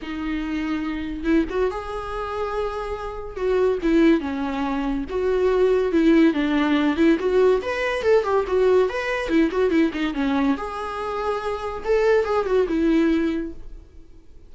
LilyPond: \new Staff \with { instrumentName = "viola" } { \time 4/4 \tempo 4 = 142 dis'2. e'8 fis'8 | gis'1 | fis'4 e'4 cis'2 | fis'2 e'4 d'4~ |
d'8 e'8 fis'4 b'4 a'8 g'8 | fis'4 b'4 e'8 fis'8 e'8 dis'8 | cis'4 gis'2. | a'4 gis'8 fis'8 e'2 | }